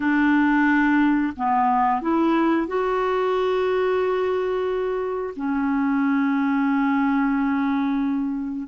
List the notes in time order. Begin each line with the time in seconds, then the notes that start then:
0.00 D4
1.36 B3
2.02 E4
2.67 F#4
5.35 C#4